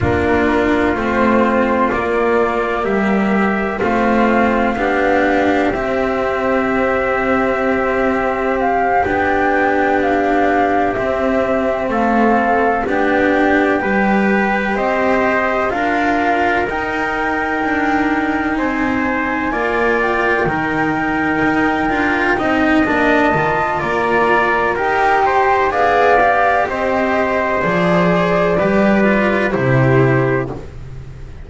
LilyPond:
<<
  \new Staff \with { instrumentName = "flute" } { \time 4/4 \tempo 4 = 63 ais'4 c''4 d''4 e''4 | f''2 e''2~ | e''4 f''8 g''4 f''4 e''8~ | e''8 f''4 g''2 dis''8~ |
dis''8 f''4 g''2 gis''8~ | gis''4 g''2. | a''4 ais''4 g''4 f''4 | dis''4 d''2 c''4 | }
  \new Staff \with { instrumentName = "trumpet" } { \time 4/4 f'2. g'4 | f'4 g'2.~ | g'1~ | g'8 a'4 g'4 b'4 c''8~ |
c''8 ais'2. c''8~ | c''8 d''4 ais'2 dis''8~ | dis''4 d''4 ais'8 c''8 d''4 | c''2 b'4 g'4 | }
  \new Staff \with { instrumentName = "cello" } { \time 4/4 d'4 c'4 ais2 | c'4 d'4 c'2~ | c'4. d'2 c'8~ | c'4. d'4 g'4.~ |
g'8 f'4 dis'2~ dis'8~ | dis'8 f'4 dis'4. f'8 dis'8 | d'8 f'4. g'4 gis'8 g'8~ | g'4 gis'4 g'8 f'8 e'4 | }
  \new Staff \with { instrumentName = "double bass" } { \time 4/4 ais4 a4 ais4 g4 | a4 b4 c'2~ | c'4. b2 c'8~ | c'8 a4 b4 g4 c'8~ |
c'8 d'4 dis'4 d'4 c'8~ | c'8 ais4 dis4 dis'8 d'8 c'8 | ais8 dis8 ais4 dis'4 b4 | c'4 f4 g4 c4 | }
>>